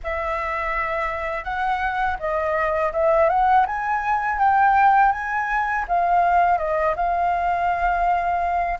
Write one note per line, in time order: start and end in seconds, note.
0.03 1.44 E5
1.44 2.17 F#5
2.19 2.92 D#5
2.92 3.29 E5
3.29 3.66 F#5
3.66 4.38 G#5
4.38 5.12 G5
5.12 5.85 G#5
5.87 6.58 F5
6.58 6.94 D#5
6.96 8.79 F5